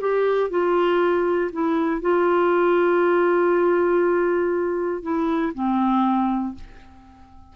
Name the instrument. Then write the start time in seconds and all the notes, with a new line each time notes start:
clarinet
0.00 G4
0.50 F4
1.52 E4
2.01 F4
5.02 E4
5.53 C4